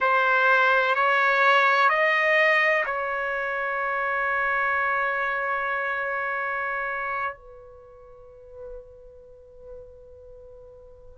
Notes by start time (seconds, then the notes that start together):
0.00 C5
0.95 C#5
1.89 D#5
2.85 C#5
7.36 B4